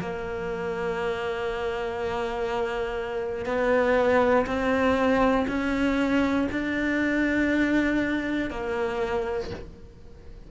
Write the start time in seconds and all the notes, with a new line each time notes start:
0.00 A#3
3.45 B3
4.46 C4
5.48 C#4
6.51 D4
8.50 A#3